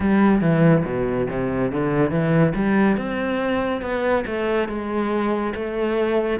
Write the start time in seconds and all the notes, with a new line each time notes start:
0.00 G3
0.41 E3
0.85 B2
1.29 C3
1.71 D3
2.10 E3
2.54 G3
2.97 C4
3.81 B3
4.26 A3
4.68 G#3
5.54 A3